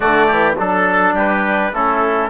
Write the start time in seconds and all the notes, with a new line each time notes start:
0.00 D3 A3 F#4 D5
0.26 E3 G4
0.58 F#3 D4 A4
1.13 G3 G4 B4
1.73 A3 C#4 E4 A4